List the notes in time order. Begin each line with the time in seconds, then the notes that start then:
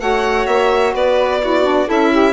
0.00 A3 F#4 C#5 F#5
0.47 A#3 E5
0.94 B3 B4 D5
1.41 E4 F#4
1.64 D4
1.88 C#4 E4 A4 E5
2.12 G4